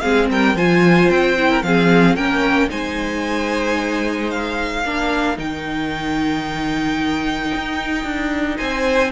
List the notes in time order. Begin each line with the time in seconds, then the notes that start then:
0.00 G#3 C4 G#4 F5
0.30 G3 A#4 G5
0.54 F3 F4 C5 G#5
1.10 C4 G5
1.37 E4
1.50 A#4
1.62 F3 C4 G#4 F5
2.15 A#3 C#4 A#4 G5
2.69 G#3 D#4 C5 G#5
4.30 F5
4.84 A#3 D4 A#4
5.36 D#3 D#4 G5
7.55 D#4
8.04 D4
8.57 C4 C5 G#5